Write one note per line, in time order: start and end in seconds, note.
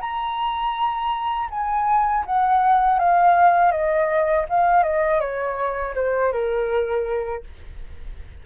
0.00 1.48 A#5
1.50 2.24 G#5
2.26 2.98 F#5
2.98 3.71 F5
3.71 4.45 D#5
4.49 4.83 F5
4.83 5.20 D#5
5.20 5.94 C#5
5.95 6.32 C5
6.32 7.43 A#4